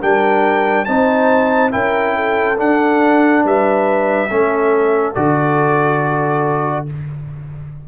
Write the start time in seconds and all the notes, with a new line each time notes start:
0.00 G3 D4 A#4 G5
0.85 C4 D#4 C5 A5
1.71 C#4 E4 A#4 G5
2.16 A4
2.58 D4 F#5
3.44 G3 B4 E5
4.30 A3 C#4 A4
5.14 D3 F#4 D5